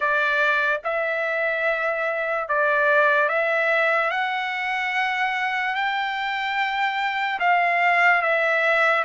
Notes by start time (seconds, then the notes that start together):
0.00 D5
0.84 E5
2.48 D5
3.28 E5
4.10 F#5
5.74 G5
7.39 F5
8.22 E5